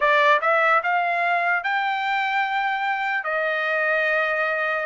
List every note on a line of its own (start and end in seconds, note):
0.00 0.40 D5
0.41 0.81 E5
0.83 1.63 F5
1.63 3.24 G5
3.24 4.85 D#5